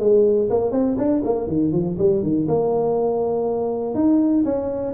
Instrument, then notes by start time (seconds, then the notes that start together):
tuba
0.00 G#3
0.50 A#3
0.72 C4
0.98 D4
1.25 A#3
1.48 D#3
1.73 F3
1.99 G3
2.23 D#3
2.48 A#3
3.95 D#4
4.45 C#4